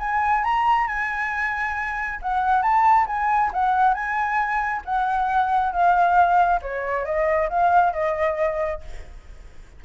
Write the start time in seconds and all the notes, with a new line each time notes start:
0.00 G#5
0.44 A#5
0.88 G#5
2.22 F#5
2.63 A5
3.07 G#5
3.54 F#5
3.94 G#5
4.85 F#5
5.73 F5
6.62 C#5
7.05 D#5
7.50 F5
7.93 D#5